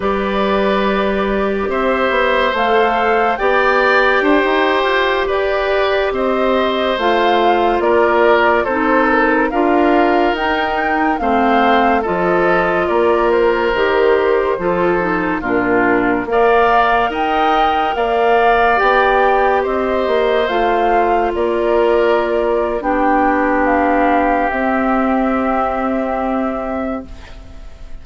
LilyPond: <<
  \new Staff \with { instrumentName = "flute" } { \time 4/4 \tempo 4 = 71 d''2 e''4 f''4 | g''2~ g''16 d''4 dis''8.~ | dis''16 f''4 d''4 c''8 ais'8 f''8.~ | f''16 g''4 f''4 dis''4 d''8 c''16~ |
c''2~ c''16 ais'4 f''8.~ | f''16 g''4 f''4 g''4 dis''8.~ | dis''16 f''4 d''4.~ d''16 g''4 | f''4 e''2. | }
  \new Staff \with { instrumentName = "oboe" } { \time 4/4 b'2 c''2 | d''4 c''4~ c''16 b'4 c''8.~ | c''4~ c''16 ais'4 a'4 ais'8.~ | ais'4~ ais'16 c''4 a'4 ais'8.~ |
ais'4~ ais'16 a'4 f'4 d''8.~ | d''16 dis''4 d''2 c''8.~ | c''4~ c''16 ais'4.~ ais'16 g'4~ | g'1 | }
  \new Staff \with { instrumentName = "clarinet" } { \time 4/4 g'2. a'4 | g'1~ | g'16 f'2 dis'4 f'8.~ | f'16 dis'4 c'4 f'4.~ f'16~ |
f'16 g'4 f'8 dis'8 d'4 ais'8.~ | ais'2~ ais'16 g'4.~ g'16~ | g'16 f'2~ f'8. d'4~ | d'4 c'2. | }
  \new Staff \with { instrumentName = "bassoon" } { \time 4/4 g2 c'8 b8 a4 | b4 d'16 dis'8 f'8 g'4 c'8.~ | c'16 a4 ais4 c'4 d'8.~ | d'16 dis'4 a4 f4 ais8.~ |
ais16 dis4 f4 ais,4 ais8.~ | ais16 dis'4 ais4 b4 c'8 ais16~ | ais16 a4 ais4.~ ais16 b4~ | b4 c'2. | }
>>